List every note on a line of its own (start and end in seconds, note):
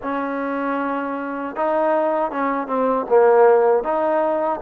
0.02 1.56 C#4
1.56 2.31 D#4
2.31 2.67 C#4
2.67 3.06 C4
3.09 3.83 A#3
3.83 4.60 D#4